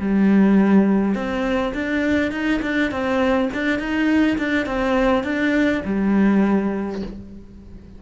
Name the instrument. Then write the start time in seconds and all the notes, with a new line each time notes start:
cello
0.00 G3
1.15 C4
1.74 D4
2.32 D#4
2.62 D4
2.91 C4
3.54 D4
3.79 D#4
4.38 D4
4.66 C4
5.24 D4
5.85 G3